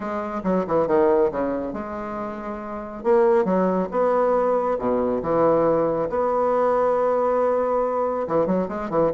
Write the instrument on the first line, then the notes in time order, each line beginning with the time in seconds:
bassoon
0.00 G#3
0.43 F#3
0.67 E3
0.87 D#3
1.31 C#3
1.73 G#3
3.03 A#3
3.44 F#3
3.91 B3
4.78 B2
5.22 E3
6.09 B3
8.27 E3
8.46 F#3
8.68 G#3
8.90 E3